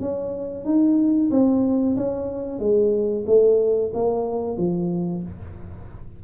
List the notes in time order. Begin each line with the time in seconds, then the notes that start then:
0.00 C#4
0.65 D#4
1.31 C4
1.97 C#4
2.59 G#3
3.27 A3
3.94 A#3
4.57 F3